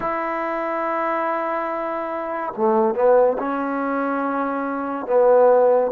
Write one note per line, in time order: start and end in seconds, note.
0.00 2.53 E4
2.56 2.94 A3
2.94 3.36 B3
3.38 5.06 C#4
5.06 5.91 B3